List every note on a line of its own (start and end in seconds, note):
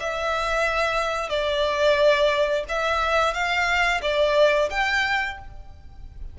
0.00 1.29 E5
1.29 2.64 D5
2.69 3.34 E5
3.34 4.01 F5
4.02 4.69 D5
4.70 5.38 G5